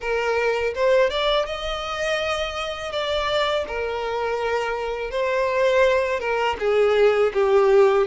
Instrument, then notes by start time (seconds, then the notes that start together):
violin
0.00 A#4
0.74 C5
1.09 D5
1.46 D#5
2.92 D5
3.67 A#4
5.11 C5
6.20 A#4
6.59 G#4
7.33 G4